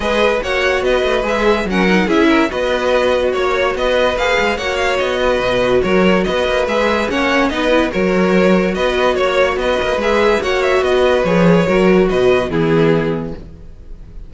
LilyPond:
<<
  \new Staff \with { instrumentName = "violin" } { \time 4/4 \tempo 4 = 144 dis''4 fis''4 dis''4 e''4 | fis''4 e''4 dis''2 | cis''4 dis''4 f''4 fis''8 f''8 | dis''2 cis''4 dis''4 |
e''4 fis''4 dis''4 cis''4~ | cis''4 dis''4 cis''4 dis''4 | e''4 fis''8 e''8 dis''4 cis''4~ | cis''4 dis''4 gis'2 | }
  \new Staff \with { instrumentName = "violin" } { \time 4/4 b'4 cis''4 b'2 | ais'4 gis'8 ais'8 b'2 | cis''4 b'2 cis''4~ | cis''8 b'4. ais'4 b'4~ |
b'4 cis''4 b'4 ais'4~ | ais'4 b'4 cis''4 b'4~ | b'4 cis''4 dis''16 b'4.~ b'16 | ais'4 b'4 e'2 | }
  \new Staff \with { instrumentName = "viola" } { \time 4/4 gis'4 fis'2 gis'4 | cis'8 dis'8 e'4 fis'2~ | fis'2 gis'4 fis'4~ | fis'1 |
gis'4 cis'4 dis'8 e'8 fis'4~ | fis'1 | gis'4 fis'2 gis'4 | fis'2 b2 | }
  \new Staff \with { instrumentName = "cello" } { \time 4/4 gis4 ais4 b8 a8 gis4 | fis4 cis'4 b2 | ais4 b4 ais8 gis8 ais4 | b4 b,4 fis4 b8 ais8 |
gis4 ais4 b4 fis4~ | fis4 b4 ais4 b8 ais8 | gis4 ais4 b4 f4 | fis4 b,4 e2 | }
>>